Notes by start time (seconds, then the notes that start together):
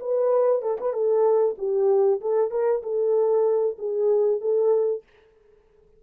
0.00 B4
0.62 A4
0.80 B4
0.93 A4
1.58 G4
2.21 A4
2.51 A#4
2.83 A4
3.78 G#4
4.41 A4